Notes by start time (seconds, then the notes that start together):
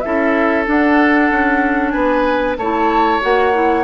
0.00 C#4 E4 A4 E5
0.65 D4 F#5
1.31 C#4
1.90 B3 B4 G#5
2.57 A3 E4 C#5 A5
3.21 A#3 F#4 F#5
3.53 E4